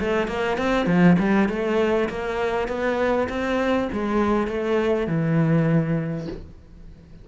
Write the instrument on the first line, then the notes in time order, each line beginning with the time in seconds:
cello
0.00 A3
0.28 A#3
0.58 C4
0.86 F3
1.19 G3
1.49 A3
2.09 A#3
2.68 B3
3.29 C4
3.92 G#3
4.47 A3
5.07 E3